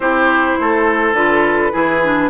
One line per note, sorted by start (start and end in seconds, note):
0.00 0.54 C4
0.00 1.15 E4
0.00 0.58 G4
0.00 1.14 C5
0.60 1.13 A3
0.60 1.72 A4
1.13 1.71 D3
1.13 1.72 F4
1.13 2.30 B4
1.72 2.30 E3
1.72 2.01 E4
1.72 2.30 G#4
2.03 2.30 D4